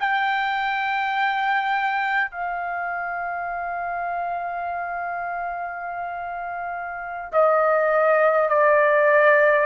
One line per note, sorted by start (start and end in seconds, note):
0.00 2.32 G5
2.32 7.32 F5
7.33 8.49 D#5
8.49 9.66 D5